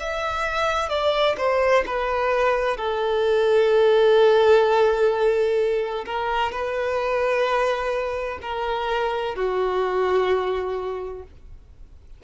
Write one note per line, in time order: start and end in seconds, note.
0.00 0.89 E5
0.89 1.36 D5
1.38 1.85 C5
1.87 2.77 B4
2.77 6.05 A4
6.06 6.52 A#4
6.52 8.39 B4
8.42 9.36 A#4
9.36 11.23 F#4